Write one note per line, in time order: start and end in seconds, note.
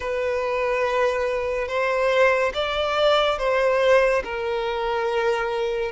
0.00 1.67 B4
1.67 2.52 C5
2.54 3.38 D5
3.38 4.23 C5
4.23 5.92 A#4